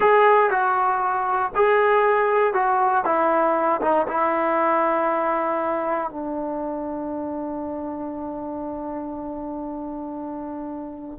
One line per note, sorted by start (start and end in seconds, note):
0.00 0.50 G#4
0.50 1.52 F#4
1.55 2.53 G#4
2.53 3.04 F#4
3.04 3.80 E4
3.81 4.07 D#4
4.07 6.10 E4
6.10 11.19 D4